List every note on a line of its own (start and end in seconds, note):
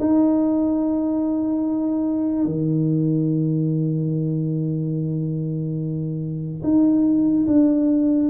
0.00 2.46 D#4
2.46 6.62 D#3
6.64 7.47 D#4
7.47 8.30 D4